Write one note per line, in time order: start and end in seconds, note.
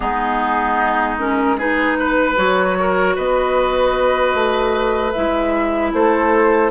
0.00 2.37 G#3
0.00 1.18 B3
0.00 1.56 D#4
0.00 1.18 G#4
1.18 1.58 C#4
1.18 1.58 A#4
1.58 2.35 D#4
1.58 1.97 G#4
1.58 2.37 B4
1.99 2.78 B4
2.35 3.16 F#3
2.35 5.11 F#4
2.35 3.16 C#5
2.79 3.15 A#4
3.15 4.34 B3
3.15 5.91 B4
3.15 5.12 D#5
4.34 5.13 A3
5.12 5.92 G#3
5.12 6.70 E4
5.12 5.91 E5
5.92 6.70 A3
5.92 6.70 A4
5.92 6.70 C5